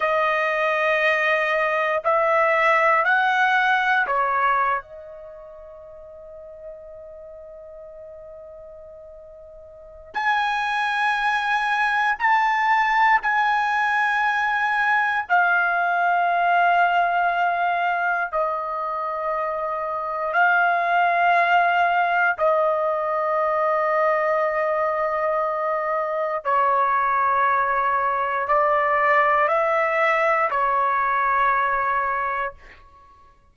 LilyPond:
\new Staff \with { instrumentName = "trumpet" } { \time 4/4 \tempo 4 = 59 dis''2 e''4 fis''4 | cis''8. dis''2.~ dis''16~ | dis''2 gis''2 | a''4 gis''2 f''4~ |
f''2 dis''2 | f''2 dis''2~ | dis''2 cis''2 | d''4 e''4 cis''2 | }